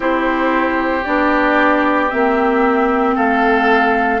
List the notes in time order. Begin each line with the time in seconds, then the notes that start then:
0.00 C4 E4 G4 C5
1.04 B3 D4 D5
2.09 A#3 C4 E5
3.15 A3 A4 F5